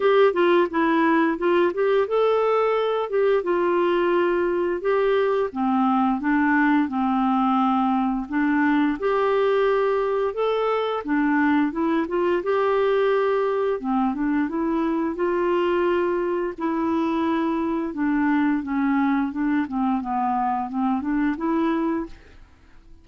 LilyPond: \new Staff \with { instrumentName = "clarinet" } { \time 4/4 \tempo 4 = 87 g'8 f'8 e'4 f'8 g'8 a'4~ | a'8 g'8 f'2 g'4 | c'4 d'4 c'2 | d'4 g'2 a'4 |
d'4 e'8 f'8 g'2 | c'8 d'8 e'4 f'2 | e'2 d'4 cis'4 | d'8 c'8 b4 c'8 d'8 e'4 | }